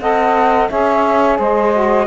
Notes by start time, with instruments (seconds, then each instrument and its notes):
0.00 cello C4, saxophone A4 D#5, flute F#5
0.69 cello C#4, saxophone G#4 C#5, flute E5
1.38 cello G#3, saxophone C5, flute D#5
1.72 saxophone F#4